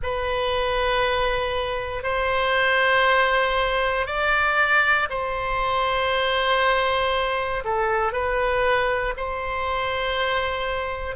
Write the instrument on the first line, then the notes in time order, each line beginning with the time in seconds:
oboe
0.02 B4
2.03 C5
4.06 D5
5.09 C5
7.64 A4
8.12 B4
9.16 C5